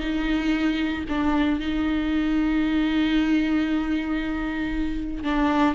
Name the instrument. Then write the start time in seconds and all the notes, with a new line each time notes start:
viola
0.00 D#4
1.09 D4
1.60 D#4
5.24 D4